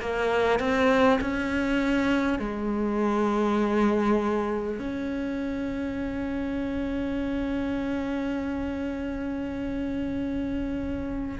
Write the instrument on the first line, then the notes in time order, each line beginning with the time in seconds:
cello
0.00 A#3
0.59 C4
1.21 C#4
2.39 G#3
4.78 C#4